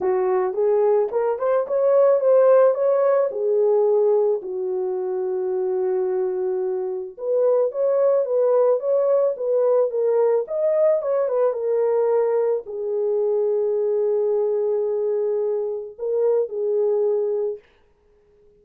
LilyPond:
\new Staff \with { instrumentName = "horn" } { \time 4/4 \tempo 4 = 109 fis'4 gis'4 ais'8 c''8 cis''4 | c''4 cis''4 gis'2 | fis'1~ | fis'4 b'4 cis''4 b'4 |
cis''4 b'4 ais'4 dis''4 | cis''8 b'8 ais'2 gis'4~ | gis'1~ | gis'4 ais'4 gis'2 | }